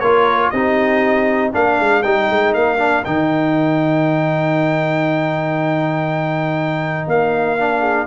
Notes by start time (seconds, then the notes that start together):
0.00 A#3 F4 A#4 C#5
0.51 C4 D#4 G4 D#5
1.53 A#3 D4 A#4 F5
1.80 G#3
2.03 G3 D#4 G5
2.30 G#3
2.54 A#3 F5
2.78 D4
3.05 D#3 D#4 G5
7.07 A#3 F5
7.59 D4
7.80 G#4